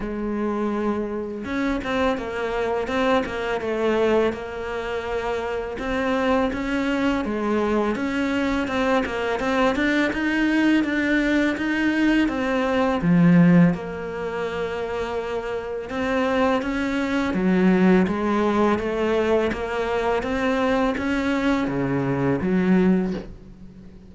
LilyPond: \new Staff \with { instrumentName = "cello" } { \time 4/4 \tempo 4 = 83 gis2 cis'8 c'8 ais4 | c'8 ais8 a4 ais2 | c'4 cis'4 gis4 cis'4 | c'8 ais8 c'8 d'8 dis'4 d'4 |
dis'4 c'4 f4 ais4~ | ais2 c'4 cis'4 | fis4 gis4 a4 ais4 | c'4 cis'4 cis4 fis4 | }